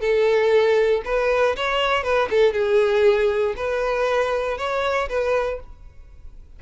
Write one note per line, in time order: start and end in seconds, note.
0.00 1.02 A4
1.05 1.56 B4
1.56 2.03 C#5
2.03 2.28 B4
2.30 2.53 A4
2.53 3.55 G#4
3.56 4.57 B4
4.57 5.08 C#5
5.09 5.60 B4